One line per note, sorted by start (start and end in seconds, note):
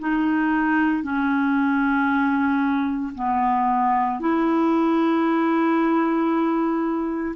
0.00 1.03 D#4
1.03 3.14 C#4
3.15 4.20 B3
4.20 7.36 E4